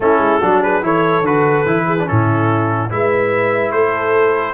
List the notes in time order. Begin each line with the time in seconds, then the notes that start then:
0.00 A3 C#4 E4 A4
0.18 G#3
0.41 F#3 D4 F#4
0.61 G#4 B4
0.82 E3 E4 A4 C#5
1.21 D3 F#4 B4
1.65 E3 E4
1.86 G#4
1.99 D4
2.06 A2 C#4 E4 A4
2.90 G#3 E4 B4 E5
3.71 A3 A4 C5